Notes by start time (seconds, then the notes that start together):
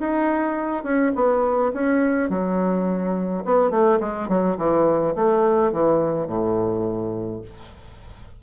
0.00 D#4
0.84 C#4
1.15 B3
1.73 C#4
2.30 F#3
3.45 B3
3.71 A3
4.00 G#3
4.29 F#3
4.58 E3
5.15 A3
5.72 E3
6.27 A2